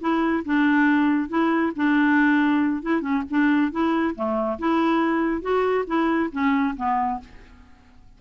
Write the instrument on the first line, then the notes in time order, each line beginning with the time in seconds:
clarinet
0.00 E4
0.45 D4
1.28 E4
1.76 D4
2.82 E4
3.01 C#4
3.29 D4
3.71 E4
4.15 A3
4.58 E4
5.41 F#4
5.86 E4
6.32 C#4
6.76 B3